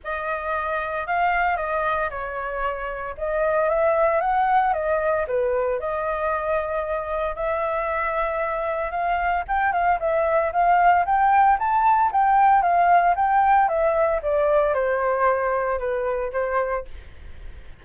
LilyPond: \new Staff \with { instrumentName = "flute" } { \time 4/4 \tempo 4 = 114 dis''2 f''4 dis''4 | cis''2 dis''4 e''4 | fis''4 dis''4 b'4 dis''4~ | dis''2 e''2~ |
e''4 f''4 g''8 f''8 e''4 | f''4 g''4 a''4 g''4 | f''4 g''4 e''4 d''4 | c''2 b'4 c''4 | }